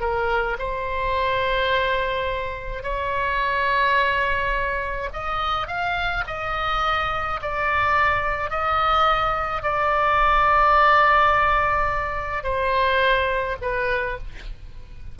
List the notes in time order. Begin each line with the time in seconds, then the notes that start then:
0.00 A#4
0.58 C5
2.83 C#5
5.13 D#5
5.67 F5
6.26 D#5
7.42 D5
8.50 D#5
9.62 D5
12.43 C5
13.61 B4